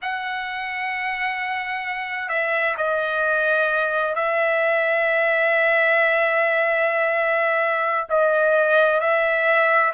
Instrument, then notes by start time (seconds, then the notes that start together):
trumpet
0.02 F#5
2.28 E5
2.77 D#5
4.15 E5
8.09 D#5
9.00 E5